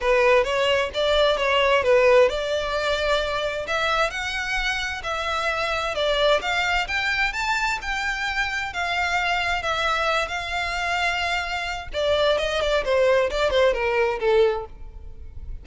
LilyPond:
\new Staff \with { instrumentName = "violin" } { \time 4/4 \tempo 4 = 131 b'4 cis''4 d''4 cis''4 | b'4 d''2. | e''4 fis''2 e''4~ | e''4 d''4 f''4 g''4 |
a''4 g''2 f''4~ | f''4 e''4. f''4.~ | f''2 d''4 dis''8 d''8 | c''4 d''8 c''8 ais'4 a'4 | }